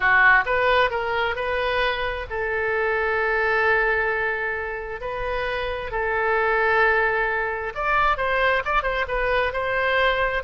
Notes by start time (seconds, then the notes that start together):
0.00 F#4
0.45 B4
0.90 A#4
1.35 B4
2.30 A4
5.01 B4
5.91 A4
7.74 D5
8.17 C5
8.65 D5
8.82 C5
9.07 B4
9.52 C5